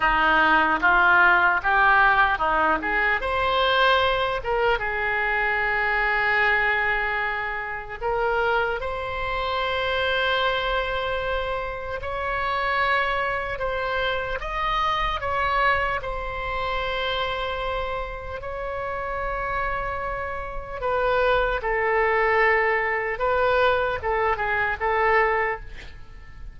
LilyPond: \new Staff \with { instrumentName = "oboe" } { \time 4/4 \tempo 4 = 75 dis'4 f'4 g'4 dis'8 gis'8 | c''4. ais'8 gis'2~ | gis'2 ais'4 c''4~ | c''2. cis''4~ |
cis''4 c''4 dis''4 cis''4 | c''2. cis''4~ | cis''2 b'4 a'4~ | a'4 b'4 a'8 gis'8 a'4 | }